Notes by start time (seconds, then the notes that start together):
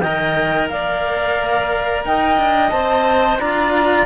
0.00 D#3 A#4 D#5 G5
0.68 A#3 D5 F5
2.05 D#4 D#5 G5
2.37 D4
2.70 C4 C5 A5
3.38 D4 F4 D5 A#5